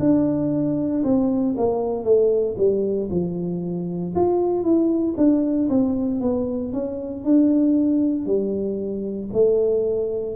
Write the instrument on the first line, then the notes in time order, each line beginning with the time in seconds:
tuba
0.00 D4
1.04 C4
1.58 A#3
2.04 A3
2.58 G3
3.11 F3
4.16 F4
4.63 E4
5.17 D4
5.69 C4
6.21 B3
6.73 C#4
7.25 D4
8.27 G3
9.33 A3